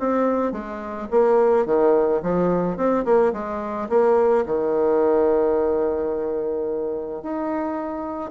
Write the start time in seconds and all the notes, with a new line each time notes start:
0.00 C4
0.53 G#3
1.11 A#3
1.66 D#3
2.23 F3
2.77 C4
3.05 A#3
3.33 G#3
3.89 A#3
4.46 D#3
7.23 D#4